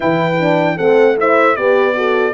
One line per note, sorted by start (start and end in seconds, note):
0.00 0.79 E3
0.00 0.37 E4
0.00 0.75 B4
0.00 0.78 G5
0.40 0.77 D4
0.76 1.57 A3
0.76 1.16 C4
0.76 1.15 A4
0.76 1.17 F#5
1.18 1.56 E4
1.18 1.56 C5
1.18 1.56 E5
1.56 2.33 B3
1.56 1.94 G4
1.56 1.95 B4
1.56 2.33 D5
1.94 2.32 F#4
1.94 2.33 A4